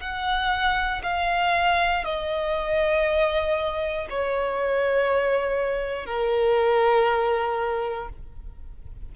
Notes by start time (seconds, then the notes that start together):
0.00 F#5
1.03 F5
2.04 D#5
4.10 C#5
6.06 A#4